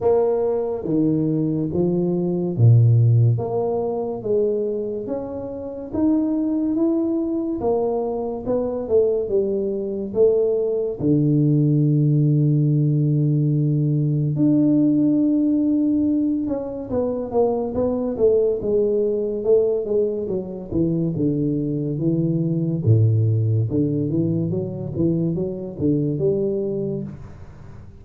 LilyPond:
\new Staff \with { instrumentName = "tuba" } { \time 4/4 \tempo 4 = 71 ais4 dis4 f4 ais,4 | ais4 gis4 cis'4 dis'4 | e'4 ais4 b8 a8 g4 | a4 d2.~ |
d4 d'2~ d'8 cis'8 | b8 ais8 b8 a8 gis4 a8 gis8 | fis8 e8 d4 e4 a,4 | d8 e8 fis8 e8 fis8 d8 g4 | }